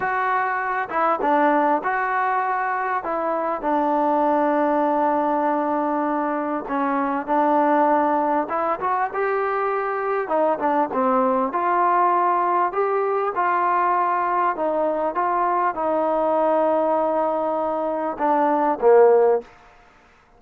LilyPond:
\new Staff \with { instrumentName = "trombone" } { \time 4/4 \tempo 4 = 99 fis'4. e'8 d'4 fis'4~ | fis'4 e'4 d'2~ | d'2. cis'4 | d'2 e'8 fis'8 g'4~ |
g'4 dis'8 d'8 c'4 f'4~ | f'4 g'4 f'2 | dis'4 f'4 dis'2~ | dis'2 d'4 ais4 | }